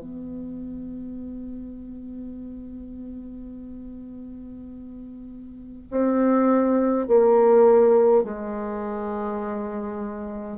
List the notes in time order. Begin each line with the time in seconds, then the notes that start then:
0.00 B3
5.91 C4
7.07 A#3
8.24 G#3